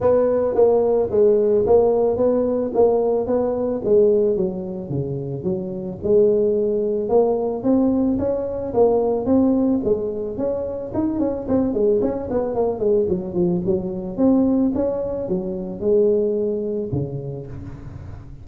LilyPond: \new Staff \with { instrumentName = "tuba" } { \time 4/4 \tempo 4 = 110 b4 ais4 gis4 ais4 | b4 ais4 b4 gis4 | fis4 cis4 fis4 gis4~ | gis4 ais4 c'4 cis'4 |
ais4 c'4 gis4 cis'4 | dis'8 cis'8 c'8 gis8 cis'8 b8 ais8 gis8 | fis8 f8 fis4 c'4 cis'4 | fis4 gis2 cis4 | }